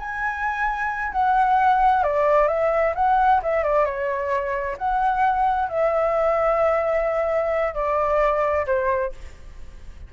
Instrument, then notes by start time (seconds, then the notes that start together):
flute
0.00 G#5
1.13 F#5
2.04 D5
2.48 E5
2.96 F#5
3.43 E5
3.64 D5
3.86 C#5
4.78 F#5
5.70 E5
7.75 D5
8.67 C5